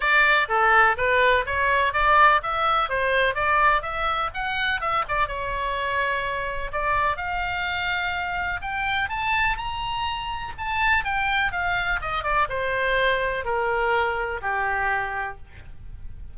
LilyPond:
\new Staff \with { instrumentName = "oboe" } { \time 4/4 \tempo 4 = 125 d''4 a'4 b'4 cis''4 | d''4 e''4 c''4 d''4 | e''4 fis''4 e''8 d''8 cis''4~ | cis''2 d''4 f''4~ |
f''2 g''4 a''4 | ais''2 a''4 g''4 | f''4 dis''8 d''8 c''2 | ais'2 g'2 | }